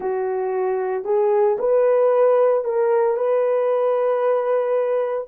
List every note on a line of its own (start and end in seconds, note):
0.00 1.04 F#4
1.04 1.57 G#4
1.58 2.64 B4
2.64 3.16 A#4
3.16 5.27 B4